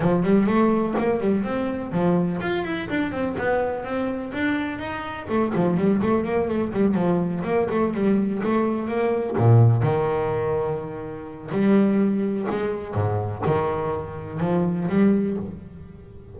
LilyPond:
\new Staff \with { instrumentName = "double bass" } { \time 4/4 \tempo 4 = 125 f8 g8 a4 ais8 g8 c'4 | f4 f'8 e'8 d'8 c'8 b4 | c'4 d'4 dis'4 a8 f8 | g8 a8 ais8 a8 g8 f4 ais8 |
a8 g4 a4 ais4 ais,8~ | ais,8 dis2.~ dis8 | g2 gis4 gis,4 | dis2 f4 g4 | }